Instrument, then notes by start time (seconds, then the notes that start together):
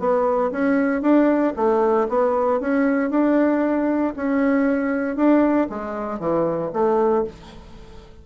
bassoon
0.00 B3
0.52 C#4
1.02 D4
1.57 A3
2.09 B3
2.61 C#4
3.11 D4
4.17 C#4
5.17 D4
5.70 G#3
6.20 E3
6.74 A3